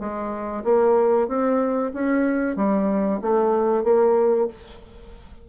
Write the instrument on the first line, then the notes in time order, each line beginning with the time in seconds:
bassoon
0.00 G#3
0.65 A#3
1.29 C4
1.94 C#4
2.56 G3
3.22 A3
3.84 A#3